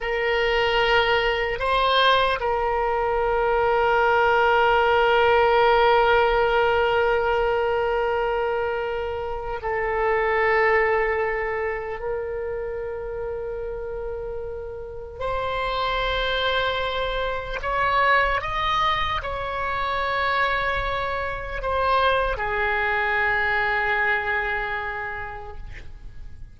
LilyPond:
\new Staff \with { instrumentName = "oboe" } { \time 4/4 \tempo 4 = 75 ais'2 c''4 ais'4~ | ais'1~ | ais'1 | a'2. ais'4~ |
ais'2. c''4~ | c''2 cis''4 dis''4 | cis''2. c''4 | gis'1 | }